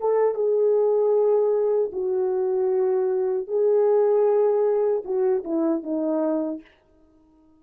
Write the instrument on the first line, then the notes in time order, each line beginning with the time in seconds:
horn
0.00 A4
0.34 G#4
1.92 F#4
3.47 G#4
5.04 F#4
5.44 E4
5.83 D#4